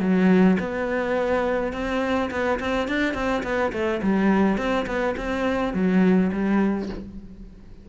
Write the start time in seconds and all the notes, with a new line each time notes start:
0.00 F#3
0.60 B3
1.73 C4
2.31 B3
2.59 C4
2.88 D4
3.14 C4
3.43 B3
3.72 A3
4.02 G3
4.57 C4
4.86 B3
5.17 C4
5.74 F#3
6.32 G3